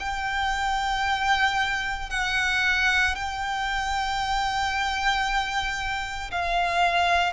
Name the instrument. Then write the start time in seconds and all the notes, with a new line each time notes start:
violin
0.00 G5
2.10 F#5
3.15 G5
6.32 F5